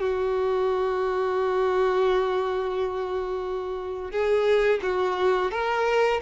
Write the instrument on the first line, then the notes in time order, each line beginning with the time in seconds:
violin
0.00 F#4
4.12 G#4
4.82 F#4
5.51 A#4